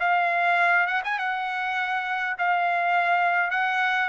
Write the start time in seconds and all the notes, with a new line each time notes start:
0.00 F5
0.87 F#5
1.04 G#5
1.18 F#5
2.38 F5
3.51 F#5